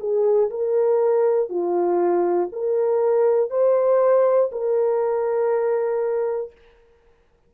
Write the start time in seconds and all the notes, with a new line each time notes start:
0.00 G#4
0.50 A#4
1.50 F4
2.52 A#4
3.50 C5
4.52 A#4